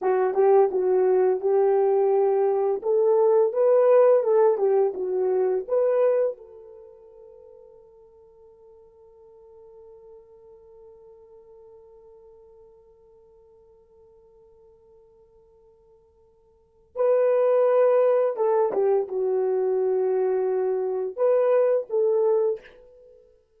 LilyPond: \new Staff \with { instrumentName = "horn" } { \time 4/4 \tempo 4 = 85 fis'8 g'8 fis'4 g'2 | a'4 b'4 a'8 g'8 fis'4 | b'4 a'2.~ | a'1~ |
a'1~ | a'1 | b'2 a'8 g'8 fis'4~ | fis'2 b'4 a'4 | }